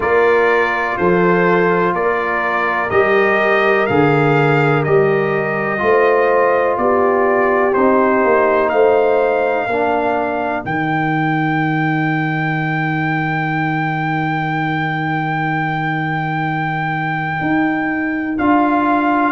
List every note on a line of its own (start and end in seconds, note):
0.00 0.96 A#3
0.00 2.89 F4
0.00 0.96 A#4
0.00 0.97 D5
0.97 1.93 F3
0.97 1.94 A4
0.97 1.94 C5
1.93 2.90 A#3
1.93 5.81 A#4
1.93 2.90 D5
2.90 3.87 G3
2.90 3.87 G4
2.90 3.86 D#5
3.86 4.86 D3
3.86 4.84 G#4
3.86 4.83 F5
4.83 5.81 G3
4.83 5.78 G4
4.83 6.77 D#5
5.78 6.77 A3
5.78 7.71 F4
5.78 6.80 C5
6.77 7.74 B3
6.77 8.73 G4
6.77 7.73 D5
7.73 8.24 C4
7.73 9.69 D#4
7.73 8.69 C5
8.24 8.72 A#3
8.69 9.67 A3
8.69 9.68 C5
8.69 10.62 F5
9.67 10.64 A#3
9.67 10.64 D4
9.67 19.31 A#4
10.64 17.40 D#3
10.64 18.37 D#4
10.64 18.38 G5
17.40 18.37 D#4
18.37 19.31 D4
18.37 19.31 F4
18.37 19.31 F5